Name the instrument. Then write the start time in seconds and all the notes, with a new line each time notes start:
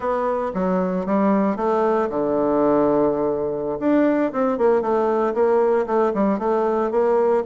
bassoon
0.00 B3
0.54 F#3
1.06 G3
1.56 A3
2.09 D3
3.79 D4
4.32 C4
4.57 A#3
4.81 A3
5.34 A#3
5.86 A3
6.14 G3
6.38 A3
6.91 A#3